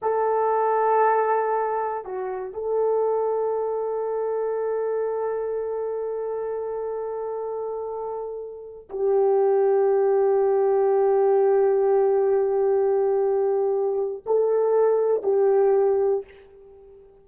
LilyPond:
\new Staff \with { instrumentName = "horn" } { \time 4/4 \tempo 4 = 118 a'1 | fis'4 a'2.~ | a'1~ | a'1~ |
a'4. g'2~ g'8~ | g'1~ | g'1 | a'2 g'2 | }